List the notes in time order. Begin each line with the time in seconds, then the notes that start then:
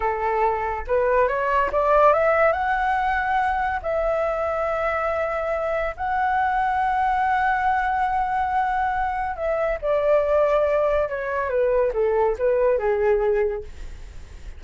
0.00 A4
0.87 B4
1.28 C#5
1.71 D5
2.13 E5
2.52 F#5
3.82 E5
5.96 F#5
9.35 E5
9.81 D5
11.09 C#5
11.49 B4
11.93 A4
12.38 B4
12.78 G#4